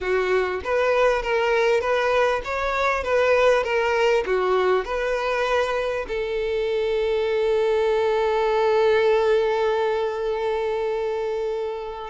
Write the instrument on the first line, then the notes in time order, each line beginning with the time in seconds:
violin
0.00 F#4
0.64 B4
1.22 A#4
1.80 B4
2.44 C#5
3.03 B4
3.63 A#4
4.26 F#4
4.85 B4
6.08 A4